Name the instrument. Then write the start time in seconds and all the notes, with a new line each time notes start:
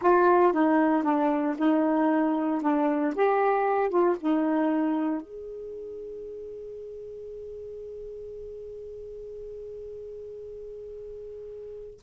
saxophone
0.01 F4
0.52 D#4
1.03 D4
1.58 D#4
2.61 D4
3.15 G4
3.89 F4
4.20 D#4
5.21 G#4